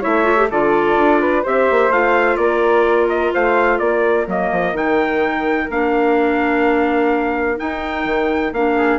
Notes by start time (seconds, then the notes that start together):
0.00 A3 E4 C#5 E5
0.24 F4
0.37 G4
0.50 D3 F4 A4 D5
0.96 D4
1.20 B4
1.43 C4 G4 C5 E5
1.70 A#3
1.90 A3 F4 F5
2.37 A#3 A#4 D5
3.09 D#5
3.33 A3 C5 F5
3.78 A#3 A#4 D5
4.27 F#3 A#3 D#5
4.51 F3
4.73 D#3 D#4 G5
5.69 A#3 D4 F5
7.57 D#4 G5
8.05 D#3
8.52 A#3 D4 F5
8.75 G#4